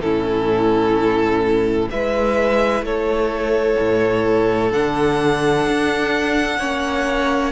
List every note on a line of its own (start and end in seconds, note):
0.00 1.88 A2
0.00 1.90 C#4
0.00 1.91 E4
0.00 1.88 A4
1.90 2.81 G#3
1.90 4.71 E4
1.90 2.85 B4
1.90 2.84 E5
2.81 3.75 A3
2.81 6.59 A4
2.81 4.72 C#5
3.79 4.73 A2
4.71 5.66 D3
4.71 6.58 D4
4.71 7.52 F#5
5.67 6.59 D4
6.59 7.52 A#3
6.59 7.52 C#4
6.59 7.52 C#5